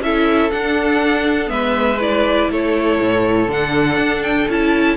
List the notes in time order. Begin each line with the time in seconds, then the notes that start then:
0.00 C#4 E4 A4 E5
0.51 D4 F#5
1.46 G#3 B3 B4 E5
2.00 E4 D5
2.49 A3 A4 C#5
3.00 A2
3.48 D3 D4 F#5
3.97 D4
4.23 G5
4.48 C#4 E4 A5